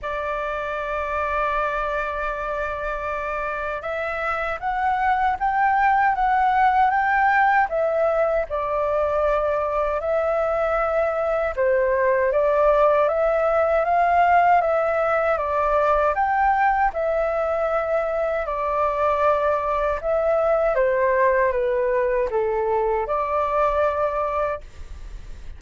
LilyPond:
\new Staff \with { instrumentName = "flute" } { \time 4/4 \tempo 4 = 78 d''1~ | d''4 e''4 fis''4 g''4 | fis''4 g''4 e''4 d''4~ | d''4 e''2 c''4 |
d''4 e''4 f''4 e''4 | d''4 g''4 e''2 | d''2 e''4 c''4 | b'4 a'4 d''2 | }